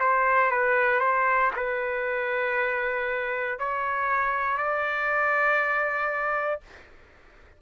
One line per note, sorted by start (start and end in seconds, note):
0.00 0.51 C5
0.51 1.00 B4
1.00 1.51 C5
1.56 3.59 B4
3.59 4.57 C#5
4.57 6.61 D5